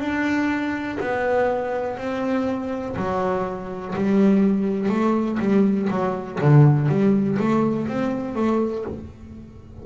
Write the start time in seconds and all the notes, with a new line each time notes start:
0.00 D4
1.01 B3
1.98 C4
2.96 F#3
3.96 G3
4.90 A3
5.40 G3
5.90 F#3
6.42 D3
6.89 G3
7.39 A3
7.88 C4
8.36 A3